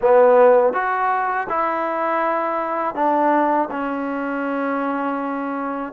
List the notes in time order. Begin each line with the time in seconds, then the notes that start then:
0.01 B3
0.73 F#4
1.49 E4
2.94 D4
3.70 C#4